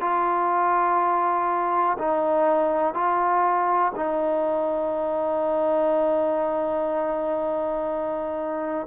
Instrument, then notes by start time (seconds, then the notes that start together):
trombone
0.00 F4
1.98 D#4
2.94 F4
3.96 D#4